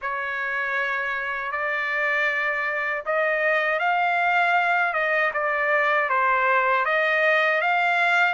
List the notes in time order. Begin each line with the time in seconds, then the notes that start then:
0.01 C#5
1.51 D5
3.05 D#5
3.79 F5
4.93 D#5
5.33 D5
6.09 C5
6.85 D#5
7.61 F5